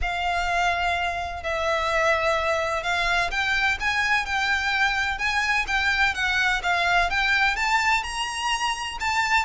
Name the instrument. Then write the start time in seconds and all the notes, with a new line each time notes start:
violin
0.01 F5
1.43 E5
2.83 F5
3.30 G5
3.79 G#5
4.25 G5
5.18 G#5
5.67 G5
6.14 F#5
6.62 F5
7.10 G5
7.56 A5
8.03 A#5
8.99 A5